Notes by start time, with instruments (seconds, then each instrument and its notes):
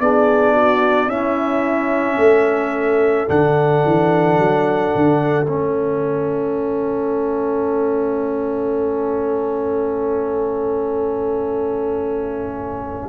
0.00 tuba B3, trombone D4, horn G#4, trumpet D5
0.54 horn F#4
1.07 tuba C#4, trombone C#4, horn E4, trumpet E5
2.17 tuba A3, horn A4
3.28 tuba D3, trombone D4, trumpet F#5
3.85 tuba E3
4.38 tuba F#3
4.95 tuba D3
5.46 tuba A3, trombone C#4, trumpet E5